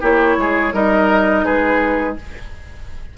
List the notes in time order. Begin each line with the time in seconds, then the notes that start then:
0.00 A#3 E4 G4 C#5
0.37 G#3 G#4
0.72 G3 D#4 A#4 D#5
1.44 G#3 G#4 B4